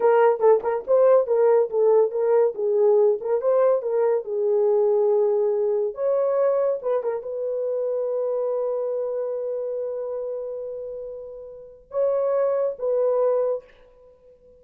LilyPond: \new Staff \with { instrumentName = "horn" } { \time 4/4 \tempo 4 = 141 ais'4 a'8 ais'8 c''4 ais'4 | a'4 ais'4 gis'4. ais'8 | c''4 ais'4 gis'2~ | gis'2 cis''2 |
b'8 ais'8 b'2.~ | b'1~ | b'1 | cis''2 b'2 | }